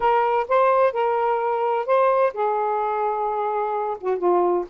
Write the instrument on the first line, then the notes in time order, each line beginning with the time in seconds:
saxophone
0.00 A#4
0.48 C5
0.92 A#4
1.86 C5
2.33 G#4
4.00 F#4
4.18 F4